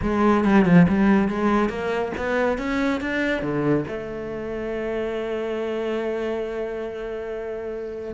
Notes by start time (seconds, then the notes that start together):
0.01 G#3
0.44 G3
0.65 F3
0.88 G3
1.28 G#3
1.69 A#3
2.17 B3
2.58 C#4
3.00 D4
3.41 D3
3.87 A3